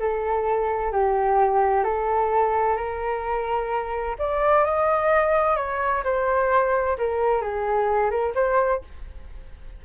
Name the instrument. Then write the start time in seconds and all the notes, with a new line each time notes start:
flute
0.00 A4
0.92 G4
1.84 A4
2.77 A#4
4.19 D5
4.65 D#5
5.57 C#5
6.04 C5
6.98 A#4
7.42 G#4
8.11 A#4
8.35 C5